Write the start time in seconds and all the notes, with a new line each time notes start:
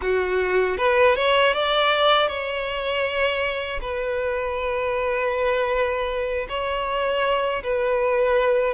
0.01 F#4
0.77 B4
1.15 C#5
1.53 D5
2.28 C#5
3.81 B4
6.49 C#5
7.63 B4